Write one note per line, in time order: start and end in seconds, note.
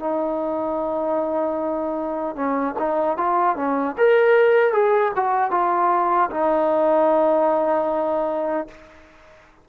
0.00 2.35 D#4
2.35 2.75 C#4
2.79 3.17 D#4
3.17 3.56 F4
3.56 3.95 C#4
3.98 4.73 A#4
4.73 5.12 G#4
5.16 5.51 F#4
5.51 6.30 F4
6.31 8.68 D#4